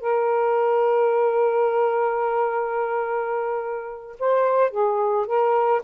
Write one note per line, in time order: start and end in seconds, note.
0.00 4.17 A#4
4.19 4.71 C5
4.71 5.26 G#4
5.26 5.82 A#4